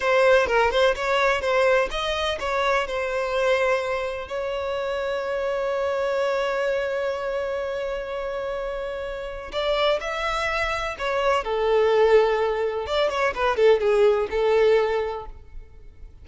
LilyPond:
\new Staff \with { instrumentName = "violin" } { \time 4/4 \tempo 4 = 126 c''4 ais'8 c''8 cis''4 c''4 | dis''4 cis''4 c''2~ | c''4 cis''2.~ | cis''1~ |
cis''1 | d''4 e''2 cis''4 | a'2. d''8 cis''8 | b'8 a'8 gis'4 a'2 | }